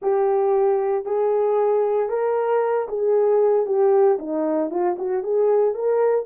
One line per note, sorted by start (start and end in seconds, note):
0.01 1.05 G4
1.05 2.09 G#4
2.09 2.87 A#4
2.88 3.65 G#4
3.65 4.18 G4
4.19 4.70 D#4
4.70 4.96 F4
4.98 5.23 F#4
5.23 5.74 G#4
5.74 6.25 A#4